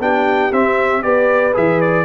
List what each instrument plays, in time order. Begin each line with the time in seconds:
0.00 tuba B3, trombone D4, horn G4, trumpet G5
0.52 tuba C4, trombone C4, trumpet E5
1.03 tuba B3, trombone G4, horn B4, trumpet D5
1.54 tuba E3, trombone G#4, trumpet E5
1.81 trumpet D5